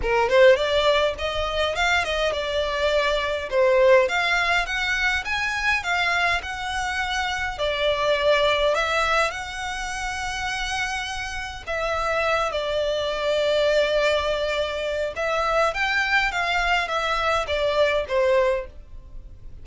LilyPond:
\new Staff \with { instrumentName = "violin" } { \time 4/4 \tempo 4 = 103 ais'8 c''8 d''4 dis''4 f''8 dis''8 | d''2 c''4 f''4 | fis''4 gis''4 f''4 fis''4~ | fis''4 d''2 e''4 |
fis''1 | e''4. d''2~ d''8~ | d''2 e''4 g''4 | f''4 e''4 d''4 c''4 | }